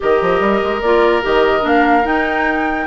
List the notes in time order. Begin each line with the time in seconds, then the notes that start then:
0.00 D#3 G4 A#4 D#5
0.21 F3
0.39 G3
0.63 G#3
0.81 A#3 F4 D5
1.22 D#3 G4 D#5
1.61 A#3 D4 F5
2.04 D#4 G5